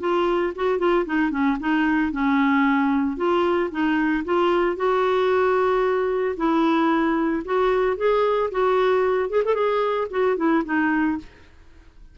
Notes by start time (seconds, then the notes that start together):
0.00 F4
0.56 F#4
0.79 F4
1.06 D#4
1.31 C#4
1.60 D#4
2.12 C#4
3.17 F4
3.71 D#4
4.25 F4
4.76 F#4
6.37 E4
7.45 F#4
7.97 G#4
8.51 F#4
9.30 G#4
9.45 A4
9.55 G#4
10.10 F#4
10.37 E4
10.65 D#4